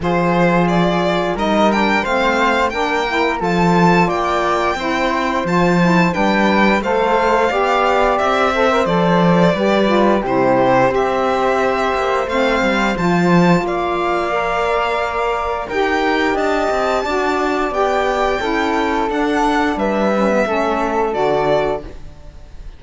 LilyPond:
<<
  \new Staff \with { instrumentName = "violin" } { \time 4/4 \tempo 4 = 88 c''4 d''4 dis''8 g''8 f''4 | g''4 a''4 g''2 | a''4 g''4 f''2 | e''4 d''2 c''4 |
e''2 f''4 a''4 | f''2. g''4 | a''2 g''2 | fis''4 e''2 d''4 | }
  \new Staff \with { instrumentName = "flute" } { \time 4/4 gis'2 ais'4 c''4 | ais'4 a'4 d''4 c''4~ | c''4 b'4 c''4 d''4~ | d''8 c''4. b'4 g'4 |
c''1 | d''2. ais'4 | dis''4 d''2 a'4~ | a'4 b'4 a'2 | }
  \new Staff \with { instrumentName = "saxophone" } { \time 4/4 f'2 dis'8 d'8 c'4 | d'8 e'8 f'2 e'4 | f'8 e'8 d'4 a'4 g'4~ | g'8 a'16 ais'16 a'4 g'8 f'8 e'4 |
g'2 c'4 f'4~ | f'4 ais'2 g'4~ | g'4 fis'4 g'4 e'4 | d'4. cis'16 b16 cis'4 fis'4 | }
  \new Staff \with { instrumentName = "cello" } { \time 4/4 f2 g4 a4 | ais4 f4 ais4 c'4 | f4 g4 a4 b4 | c'4 f4 g4 c4 |
c'4. ais8 a8 g8 f4 | ais2. dis'4 | d'8 c'8 d'4 b4 cis'4 | d'4 g4 a4 d4 | }
>>